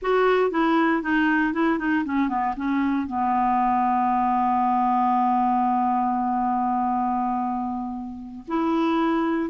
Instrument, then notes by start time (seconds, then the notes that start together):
clarinet
0.02 F#4
0.51 E4
1.02 D#4
1.53 E4
1.79 D#4
2.04 C#4
2.28 B3
2.56 C#4
3.06 B3
8.47 E4